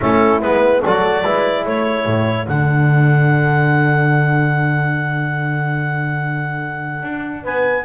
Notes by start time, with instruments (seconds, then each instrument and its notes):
0.01 double bass A3, trombone C#4, horn E4, clarinet A4
0.41 double bass G#3, trombone B3, clarinet B4
0.82 double bass F#3, trombone F#4, horn A4, clarinet D5
1.24 double bass G#3, trombone E4, horn B4
1.65 double bass A3, horn A4, clarinet C#5
2.05 double bass A2
2.47 double bass D3, trombone D4, clarinet F#5
7.02 double bass D4
7.43 double bass B3, horn B4, clarinet G#5